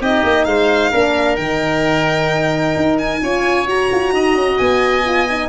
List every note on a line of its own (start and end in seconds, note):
0.00 0.23 C4
0.00 0.92 D#4
0.00 0.46 G4
0.00 0.44 D#5
0.23 0.46 A#3
0.44 0.91 G#3
0.44 0.91 C5
0.44 1.36 F5
0.91 1.38 A#3
0.91 1.37 D4
0.91 3.20 A#4
1.36 2.75 D#3
1.36 3.20 D#4
1.36 2.96 G5
2.76 3.21 D#4
2.98 3.67 G#5
3.21 3.66 C#4
3.21 3.67 F4
3.21 4.14 C#5
3.66 3.89 F#4
3.66 5.05 F#4
3.66 4.57 A#5
3.92 4.12 F4
4.12 4.35 D#4
4.12 5.48 D#5
4.35 4.58 C#4
4.57 5.48 B3
4.57 5.48 G#5
5.05 5.28 F4
5.30 5.48 D#4